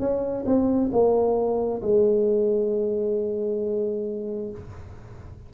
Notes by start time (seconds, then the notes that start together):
0.00 C#4
0.46 C4
0.92 A#3
1.83 G#3